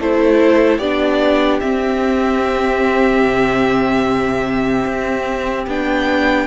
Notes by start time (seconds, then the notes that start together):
0.00 A3 E4 A4 C5
0.78 B3 D4 G4 D5
1.60 C4 E5
3.23 C3
4.86 C4
5.67 B3 D4 G5